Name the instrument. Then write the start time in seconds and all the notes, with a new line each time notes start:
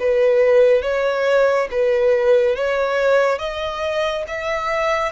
violin
0.00 B4
0.83 C#5
1.71 B4
2.56 C#5
3.39 D#5
4.27 E5